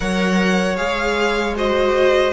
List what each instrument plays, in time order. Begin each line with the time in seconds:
0.00 cello F#3, viola A#4, violin C#5 F#5
0.76 cello G#3, viola G#4, violin F5
1.55 viola F#4, violin C5 D#5